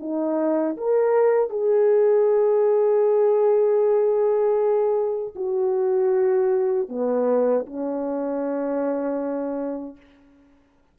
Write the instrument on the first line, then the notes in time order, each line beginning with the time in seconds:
horn
0.00 D#4
0.77 A#4
1.50 G#4
5.36 F#4
6.89 B3
7.66 C#4